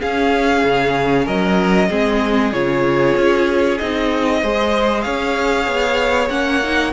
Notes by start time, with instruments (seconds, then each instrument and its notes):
0.00 viola C#4, cello C#4, violin G#4 F5
0.64 cello C#3
1.25 cello F#3, violin A#4 D#5
1.89 cello G#3, viola C4, violin G#4
2.52 cello C#3, viola F4, violin C#5
3.17 cello C#4
3.78 cello C4, viola D#4, violin D#5
4.42 cello G#3, viola G#4, violin C5
5.02 cello C#4, violin C#5 F5
5.68 cello B3
6.30 cello A#3, viola C#4, violin F#5
6.64 viola D#4